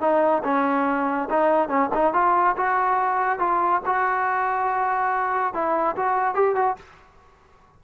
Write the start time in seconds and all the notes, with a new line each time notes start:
0.00 D#4
0.44 C#4
1.30 D#4
1.68 C#4
1.94 D#4
2.13 F4
2.56 F#4
3.39 F4
3.85 F#4
5.53 E4
5.96 F#4
6.34 G4
6.55 F#4